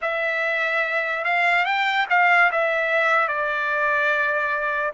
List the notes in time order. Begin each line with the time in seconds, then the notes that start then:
0.01 E5
1.24 F5
1.65 G5
2.09 F5
2.51 E5
3.28 D5